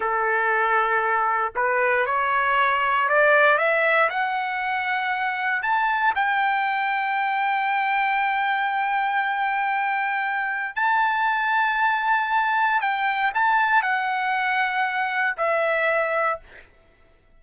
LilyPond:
\new Staff \with { instrumentName = "trumpet" } { \time 4/4 \tempo 4 = 117 a'2. b'4 | cis''2 d''4 e''4 | fis''2. a''4 | g''1~ |
g''1~ | g''4 a''2.~ | a''4 g''4 a''4 fis''4~ | fis''2 e''2 | }